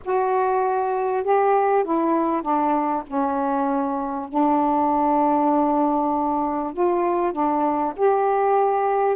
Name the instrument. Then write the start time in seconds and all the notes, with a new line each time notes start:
saxophone
0.04 F#4
1.23 G4
1.84 E4
2.42 D4
3.06 C#4
4.28 D4
6.73 F4
7.32 D4
7.96 G4